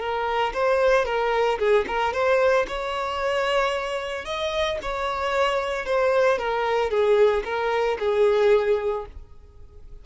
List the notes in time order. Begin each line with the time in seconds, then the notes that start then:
0.00 A#4
0.54 C5
1.05 A#4
1.59 G#4
1.87 A#4
2.13 C5
2.68 C#5
4.26 D#5
4.82 C#5
5.86 C5
6.39 A#4
6.91 G#4
7.45 A#4
8.00 G#4